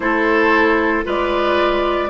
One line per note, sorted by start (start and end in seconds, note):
0.00 1.04 A3
0.00 1.04 E4
0.00 1.05 A4
0.00 1.04 C5
1.04 2.09 G#3
1.04 2.09 F4
1.04 2.09 B4
1.04 2.09 D5